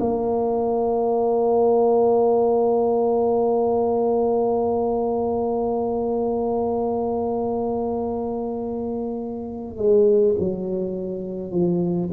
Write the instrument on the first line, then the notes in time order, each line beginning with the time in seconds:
tuba
0.00 A#3
9.77 G#3
10.40 F#3
11.51 F3